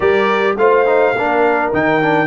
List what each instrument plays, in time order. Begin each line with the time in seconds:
0.00 tuba G3, trombone G4, horn A#4, trumpet D5
0.56 tuba A3, trombone F4, horn C5, trumpet F5
0.85 trombone D#4
1.14 tuba A#3, trombone D4, horn A#4
1.72 tuba D#3, trombone D#4, trumpet G5
2.01 trombone D4